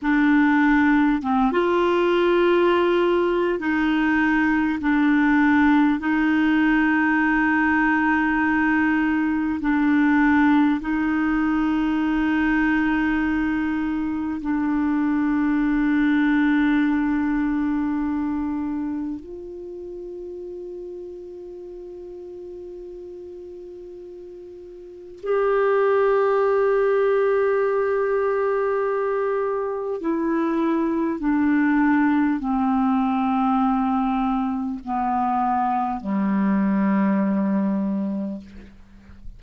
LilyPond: \new Staff \with { instrumentName = "clarinet" } { \time 4/4 \tempo 4 = 50 d'4 c'16 f'4.~ f'16 dis'4 | d'4 dis'2. | d'4 dis'2. | d'1 |
f'1~ | f'4 g'2.~ | g'4 e'4 d'4 c'4~ | c'4 b4 g2 | }